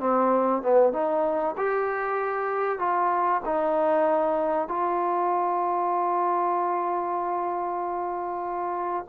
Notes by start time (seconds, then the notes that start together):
0.00 C4
0.62 B3
0.93 D#4
1.57 G4
2.79 F4
3.45 D#4
4.68 F4